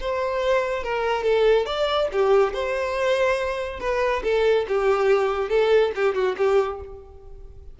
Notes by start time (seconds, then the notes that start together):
0.00 C5
0.83 A#4
1.23 A4
1.65 D5
2.12 G4
2.53 C5
3.79 B4
4.23 A4
4.68 G4
5.49 A4
5.95 G4
6.14 F#4
6.37 G4